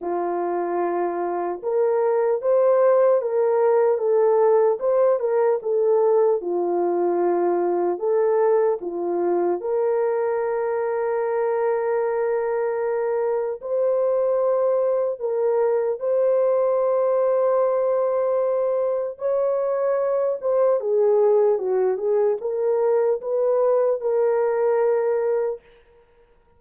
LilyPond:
\new Staff \with { instrumentName = "horn" } { \time 4/4 \tempo 4 = 75 f'2 ais'4 c''4 | ais'4 a'4 c''8 ais'8 a'4 | f'2 a'4 f'4 | ais'1~ |
ais'4 c''2 ais'4 | c''1 | cis''4. c''8 gis'4 fis'8 gis'8 | ais'4 b'4 ais'2 | }